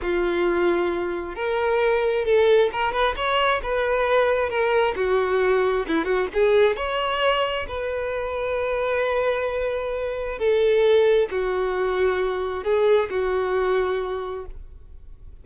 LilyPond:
\new Staff \with { instrumentName = "violin" } { \time 4/4 \tempo 4 = 133 f'2. ais'4~ | ais'4 a'4 ais'8 b'8 cis''4 | b'2 ais'4 fis'4~ | fis'4 e'8 fis'8 gis'4 cis''4~ |
cis''4 b'2.~ | b'2. a'4~ | a'4 fis'2. | gis'4 fis'2. | }